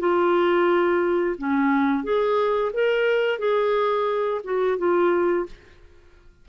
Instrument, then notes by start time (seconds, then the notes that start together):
clarinet
0.00 F4
1.39 C#4
2.04 G#4
2.74 A#4
3.39 G#4
4.44 F#4
4.79 F4